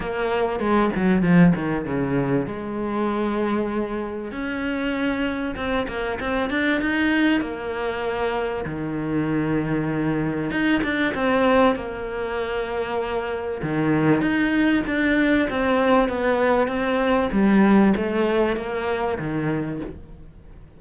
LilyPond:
\new Staff \with { instrumentName = "cello" } { \time 4/4 \tempo 4 = 97 ais4 gis8 fis8 f8 dis8 cis4 | gis2. cis'4~ | cis'4 c'8 ais8 c'8 d'8 dis'4 | ais2 dis2~ |
dis4 dis'8 d'8 c'4 ais4~ | ais2 dis4 dis'4 | d'4 c'4 b4 c'4 | g4 a4 ais4 dis4 | }